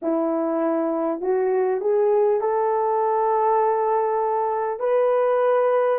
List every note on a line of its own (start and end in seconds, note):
0.02 1.21 E4
1.21 1.80 F#4
1.80 2.40 G#4
2.41 4.79 A4
4.79 5.99 B4